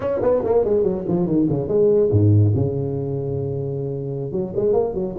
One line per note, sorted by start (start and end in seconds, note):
0.00 0.20 C#4
0.22 0.43 B3
0.44 0.64 A#3
0.64 0.83 G#3
0.83 1.04 F#3
1.08 1.26 F3
1.26 1.47 D#3
1.49 1.68 C#3
1.68 2.10 G#3
2.11 2.53 G#2
2.55 4.32 C#3
4.32 4.53 F#3
4.56 4.73 G#3
4.73 4.94 A#3
4.94 5.15 F#3